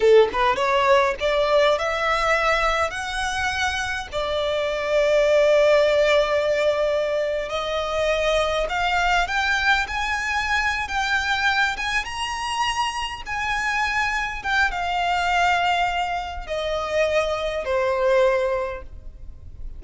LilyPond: \new Staff \with { instrumentName = "violin" } { \time 4/4 \tempo 4 = 102 a'8 b'8 cis''4 d''4 e''4~ | e''4 fis''2 d''4~ | d''1~ | d''8. dis''2 f''4 g''16~ |
g''8. gis''4.~ gis''16 g''4. | gis''8 ais''2 gis''4.~ | gis''8 g''8 f''2. | dis''2 c''2 | }